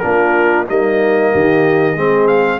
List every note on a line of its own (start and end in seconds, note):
0.00 0.69 A#3
0.00 0.67 D4
0.00 0.68 F4
0.00 0.65 A#4
0.68 1.34 G3
0.68 1.97 A#3
0.68 1.32 D#4
0.68 2.28 D#5
1.32 1.96 D#3
1.32 1.94 G4
1.94 2.60 G#3
1.94 2.60 C4
1.94 2.58 G#4
2.28 2.60 F5